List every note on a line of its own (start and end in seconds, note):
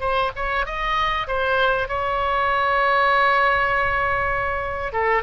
0.00 0.31 C5
0.36 0.66 C#5
0.66 1.27 D#5
1.27 1.88 C5
1.88 4.93 C#5
4.93 5.22 A4